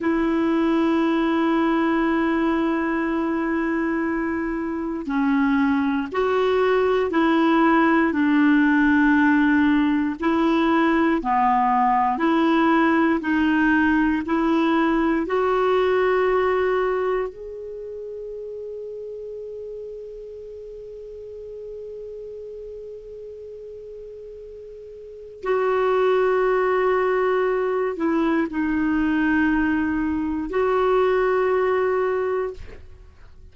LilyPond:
\new Staff \with { instrumentName = "clarinet" } { \time 4/4 \tempo 4 = 59 e'1~ | e'4 cis'4 fis'4 e'4 | d'2 e'4 b4 | e'4 dis'4 e'4 fis'4~ |
fis'4 gis'2.~ | gis'1~ | gis'4 fis'2~ fis'8 e'8 | dis'2 fis'2 | }